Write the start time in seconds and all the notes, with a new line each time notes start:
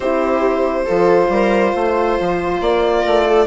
0.00 C4 E4 G4 C5
0.85 F3 F4 A4
1.29 G3 A#4
1.73 A3 C5
2.20 F3
2.60 A#3 D5
3.01 A3 A#4
3.25 A4